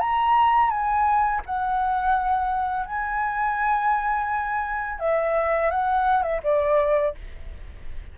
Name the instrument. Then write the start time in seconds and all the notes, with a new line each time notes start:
flute
0.00 A#5
0.70 G#5
1.46 F#5
2.86 G#5
4.99 E5
5.70 F#5
6.23 E5
6.44 D5